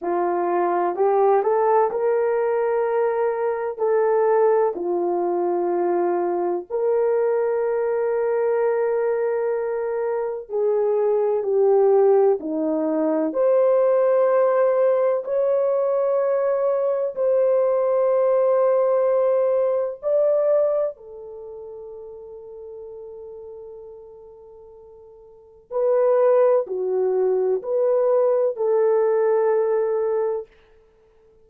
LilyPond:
\new Staff \with { instrumentName = "horn" } { \time 4/4 \tempo 4 = 63 f'4 g'8 a'8 ais'2 | a'4 f'2 ais'4~ | ais'2. gis'4 | g'4 dis'4 c''2 |
cis''2 c''2~ | c''4 d''4 a'2~ | a'2. b'4 | fis'4 b'4 a'2 | }